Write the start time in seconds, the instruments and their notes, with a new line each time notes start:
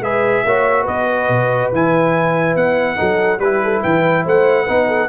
0.00 tuba G#3, trombone G#4, horn B4, trumpet E5
0.44 tuba A#3, trombone F#4, horn C#5
0.83 tuba B3, horn B4, trumpet D#5
1.29 tuba B2
1.72 tuba E3, trombone E4, trumpet G#5
2.55 tuba B3, trumpet F#5
2.96 tuba F#3, trombone D#4, horn A4
3.38 tuba G3, trombone E4, horn G4, trumpet B4
3.63 horn A4
3.83 tuba E3, horn B4, trumpet G5
4.24 tuba A3, horn C5, trumpet F#5
4.64 tuba B3, trombone D#4, horn B4
4.87 horn A4